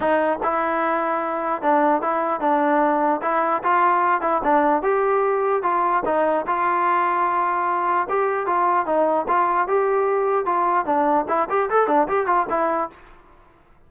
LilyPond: \new Staff \with { instrumentName = "trombone" } { \time 4/4 \tempo 4 = 149 dis'4 e'2. | d'4 e'4 d'2 | e'4 f'4. e'8 d'4 | g'2 f'4 dis'4 |
f'1 | g'4 f'4 dis'4 f'4 | g'2 f'4 d'4 | e'8 g'8 a'8 d'8 g'8 f'8 e'4 | }